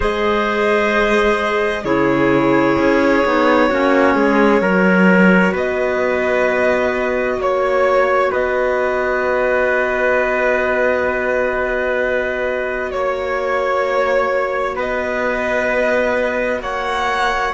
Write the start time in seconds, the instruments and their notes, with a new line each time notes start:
0.00 cello G#3, clarinet G#4, trumpet C5, violin D#5
1.84 cello C#3, clarinet E4, trumpet G#4, violin C#5
2.78 cello C#4
3.24 cello B3, clarinet D#4
3.68 cello A#3, clarinet C#4, trumpet F#4
4.15 cello G#3, trumpet G#4
4.61 cello F#3, clarinet F#4, trumpet A#4
5.52 cello B3, trumpet B4, violin D#5
7.38 cello A#3, violin C#5, trumpet C#5
8.31 cello B3, trumpet B4, violin D#5
12.91 cello A#3, violin C#5, trumpet C#5
14.75 cello B3, trumpet B4, violin D#5
16.60 cello A#3, trumpet C#5, violin F#5